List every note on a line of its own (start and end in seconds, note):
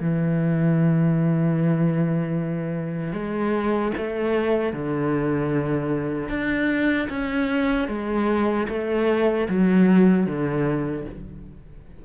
0.00 3.13 E3
3.13 3.92 G#3
3.97 4.73 A3
4.73 6.29 D3
6.29 7.08 D4
7.09 7.88 C#4
7.88 8.67 G#3
8.68 9.47 A3
9.49 10.26 F#3
10.26 11.05 D3